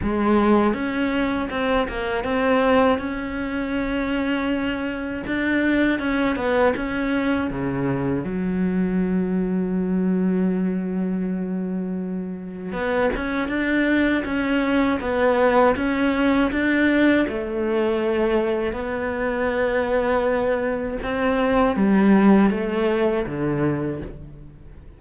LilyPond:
\new Staff \with { instrumentName = "cello" } { \time 4/4 \tempo 4 = 80 gis4 cis'4 c'8 ais8 c'4 | cis'2. d'4 | cis'8 b8 cis'4 cis4 fis4~ | fis1~ |
fis4 b8 cis'8 d'4 cis'4 | b4 cis'4 d'4 a4~ | a4 b2. | c'4 g4 a4 d4 | }